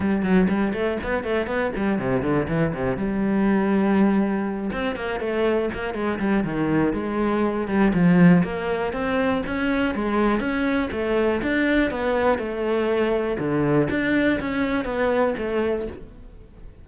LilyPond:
\new Staff \with { instrumentName = "cello" } { \time 4/4 \tempo 4 = 121 g8 fis8 g8 a8 b8 a8 b8 g8 | c8 d8 e8 c8 g2~ | g4. c'8 ais8 a4 ais8 | gis8 g8 dis4 gis4. g8 |
f4 ais4 c'4 cis'4 | gis4 cis'4 a4 d'4 | b4 a2 d4 | d'4 cis'4 b4 a4 | }